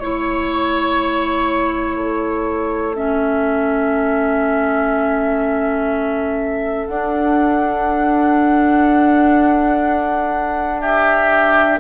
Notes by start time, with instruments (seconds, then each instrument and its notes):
0.00 bassoon A3, clarinet E4, flute C#5, oboe C#5
1.96 oboe A4
2.95 clarinet C#4, flute E5
6.87 bassoon D4, clarinet D4, flute F#5
10.81 oboe G4, flute E5